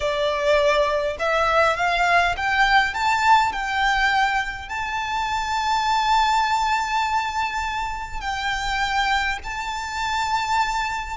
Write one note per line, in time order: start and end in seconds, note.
0.00 1.17 D5
1.19 1.76 E5
1.76 2.35 F5
2.37 2.94 G5
2.94 3.52 A5
3.52 4.68 G5
4.68 8.21 A5
8.21 9.38 G5
9.43 11.17 A5